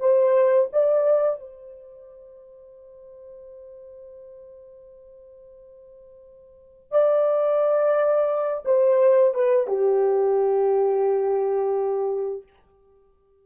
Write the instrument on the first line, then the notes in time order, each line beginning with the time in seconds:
horn
0.00 C5
0.73 D5
1.40 C5
6.92 D5
8.65 C5
9.34 B4
9.68 G4